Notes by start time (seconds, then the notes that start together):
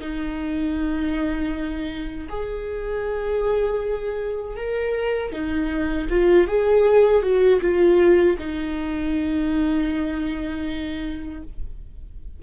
0.00 D#4
2.29 G#4
4.56 A#4
5.32 D#4
6.09 F4
6.47 G#4
7.22 F#4
7.61 F4
8.39 D#4